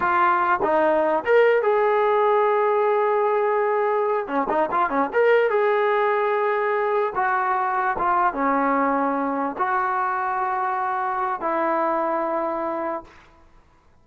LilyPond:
\new Staff \with { instrumentName = "trombone" } { \time 4/4 \tempo 4 = 147 f'4. dis'4. ais'4 | gis'1~ | gis'2~ gis'8 cis'8 dis'8 f'8 | cis'8 ais'4 gis'2~ gis'8~ |
gis'4. fis'2 f'8~ | f'8 cis'2. fis'8~ | fis'1 | e'1 | }